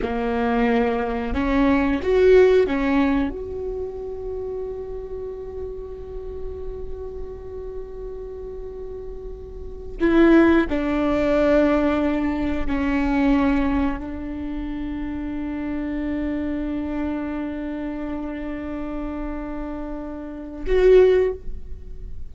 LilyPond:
\new Staff \with { instrumentName = "viola" } { \time 4/4 \tempo 4 = 90 ais2 cis'4 fis'4 | cis'4 fis'2.~ | fis'1~ | fis'2. e'4 |
d'2. cis'4~ | cis'4 d'2.~ | d'1~ | d'2. fis'4 | }